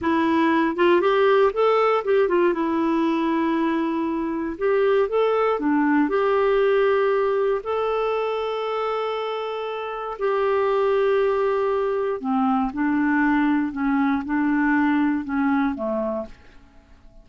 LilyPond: \new Staff \with { instrumentName = "clarinet" } { \time 4/4 \tempo 4 = 118 e'4. f'8 g'4 a'4 | g'8 f'8 e'2.~ | e'4 g'4 a'4 d'4 | g'2. a'4~ |
a'1 | g'1 | c'4 d'2 cis'4 | d'2 cis'4 a4 | }